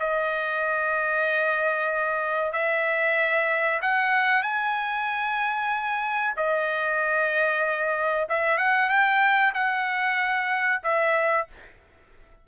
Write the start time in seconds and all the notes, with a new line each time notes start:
0.00 D#5
2.53 E5
3.82 F#5
4.43 G#5
6.37 D#5
8.29 E5
8.58 F#5
8.89 G5
9.54 F#5
10.84 E5